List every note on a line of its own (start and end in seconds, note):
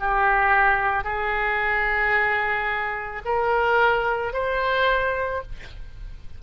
0.00 1.04 G4
1.04 3.22 G#4
3.25 4.33 A#4
4.33 5.42 C5